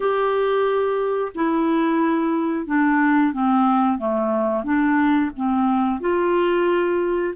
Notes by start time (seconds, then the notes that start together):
0.00 G4
1.34 E4
2.66 D4
3.32 C4
3.98 A3
4.64 D4
5.36 C4
6.00 F4